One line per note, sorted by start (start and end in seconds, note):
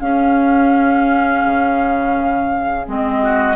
0.00 2.86 C#4
0.00 1.43 C#4
0.00 3.23 G#4
0.00 2.86 F5
1.45 2.87 C#3
2.86 3.56 G#3
2.86 3.56 C4
2.86 3.56 D#5
3.23 3.56 F#4